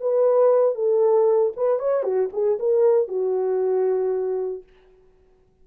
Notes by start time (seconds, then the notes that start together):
0.00 B4
0.75 A4
1.56 B4
1.79 C#5
2.03 F#4
2.33 G#4
2.59 A#4
3.08 F#4